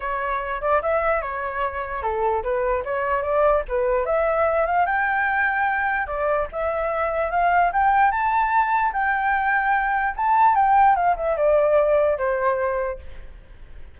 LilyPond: \new Staff \with { instrumentName = "flute" } { \time 4/4 \tempo 4 = 148 cis''4. d''8 e''4 cis''4~ | cis''4 a'4 b'4 cis''4 | d''4 b'4 e''4. f''8 | g''2. d''4 |
e''2 f''4 g''4 | a''2 g''2~ | g''4 a''4 g''4 f''8 e''8 | d''2 c''2 | }